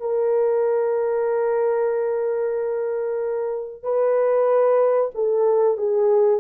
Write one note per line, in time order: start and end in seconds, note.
0.00 3.83 A#4
3.83 5.10 B4
5.14 5.77 A4
5.77 6.40 G#4